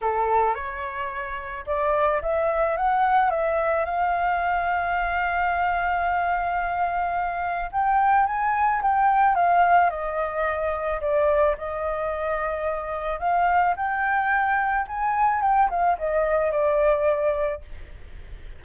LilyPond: \new Staff \with { instrumentName = "flute" } { \time 4/4 \tempo 4 = 109 a'4 cis''2 d''4 | e''4 fis''4 e''4 f''4~ | f''1~ | f''2 g''4 gis''4 |
g''4 f''4 dis''2 | d''4 dis''2. | f''4 g''2 gis''4 | g''8 f''8 dis''4 d''2 | }